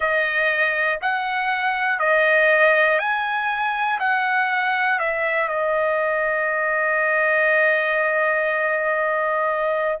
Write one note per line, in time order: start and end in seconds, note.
0.00 1.00 D#5
1.01 1.99 F#5
1.99 2.99 D#5
2.99 3.99 G#5
4.00 4.99 F#5
4.99 5.48 E5
5.48 9.98 D#5